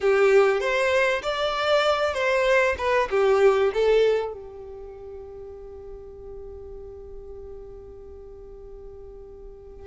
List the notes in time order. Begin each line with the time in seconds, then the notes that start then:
0.01 G4
0.60 C5
1.22 D5
2.13 C5
2.78 B4
3.10 G4
3.73 A4
4.32 G4